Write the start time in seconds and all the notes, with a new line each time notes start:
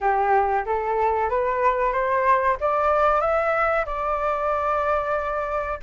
0.00 G4
0.65 A4
1.29 B4
1.92 C5
2.60 D5
3.21 E5
3.85 D5